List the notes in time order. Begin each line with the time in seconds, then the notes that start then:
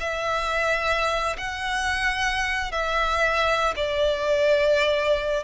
0.00 E5
1.38 F#5
2.72 E5
3.76 D5